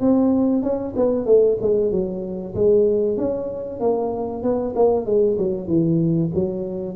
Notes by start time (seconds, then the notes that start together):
0.00 C4
0.63 C#4
0.96 B3
1.26 A3
1.62 G#3
1.91 F#3
2.55 G#3
3.18 C#4
3.80 A#3
4.43 B3
4.76 A#3
5.06 G#3
5.38 F#3
5.67 E3
6.35 F#3